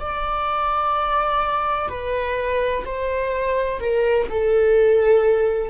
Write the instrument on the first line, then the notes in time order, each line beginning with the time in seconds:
viola
0.00 D5
1.88 B4
2.85 C5
3.80 A#4
4.29 A4